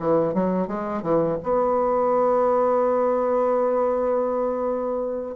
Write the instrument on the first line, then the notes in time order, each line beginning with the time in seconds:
bassoon
0.00 E3
0.34 F#3
0.68 G#3
1.03 E3
1.44 B3